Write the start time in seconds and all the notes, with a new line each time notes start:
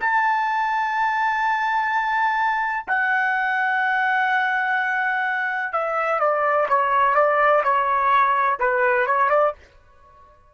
0.00 A5
2.87 F#5
5.72 E5
6.19 D5
6.68 C#5
7.14 D5
7.63 C#5
8.59 B4
9.06 C#5
9.29 D5